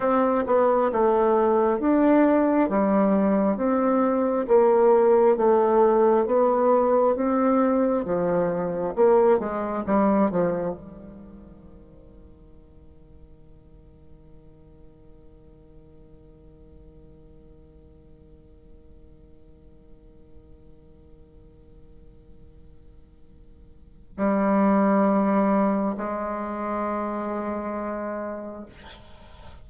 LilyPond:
\new Staff \with { instrumentName = "bassoon" } { \time 4/4 \tempo 4 = 67 c'8 b8 a4 d'4 g4 | c'4 ais4 a4 b4 | c'4 f4 ais8 gis8 g8 f8 | dis1~ |
dis1~ | dis1~ | dis2. g4~ | g4 gis2. | }